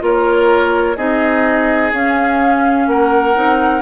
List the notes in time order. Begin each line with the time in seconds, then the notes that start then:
0.00 A#3 F4 A#4 C#5
0.96 C4 D#4 G#4 D#5
1.92 C#4 F5
2.87 A#3 A#4 F#5
3.35 C4 D#4